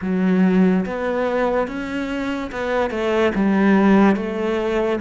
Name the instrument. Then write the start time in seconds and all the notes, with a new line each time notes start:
cello
0.02 F#3
0.85 B3
1.67 C#4
2.51 B3
2.90 A3
3.34 G3
4.16 A3